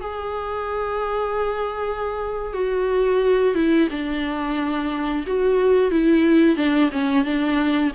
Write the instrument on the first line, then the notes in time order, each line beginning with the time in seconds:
viola
0.00 G#4
2.53 F#4
3.54 E4
3.90 D4
5.26 F#4
5.91 E4
6.56 D4
6.92 C#4
7.24 D4